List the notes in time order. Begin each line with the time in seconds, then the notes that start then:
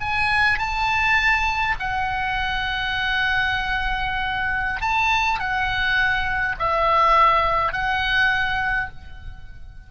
0.00 G#5
0.58 A5
1.79 F#5
4.81 A5
5.39 F#5
6.59 E5
7.73 F#5